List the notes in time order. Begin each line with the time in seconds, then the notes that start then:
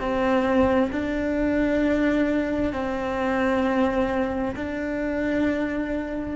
0.00 C4
0.92 D4
2.73 C4
4.56 D4